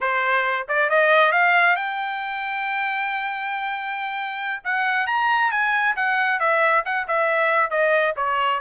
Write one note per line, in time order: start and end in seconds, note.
0.00 0.66 C5
0.68 0.89 D5
0.89 1.32 D#5
1.32 1.75 F5
1.75 4.62 G5
4.63 5.07 F#5
5.07 5.51 A#5
5.51 5.95 G#5
5.96 6.39 F#5
6.39 6.83 E5
6.85 7.07 F#5
7.07 7.70 E5
7.70 8.14 D#5
8.16 8.60 C#5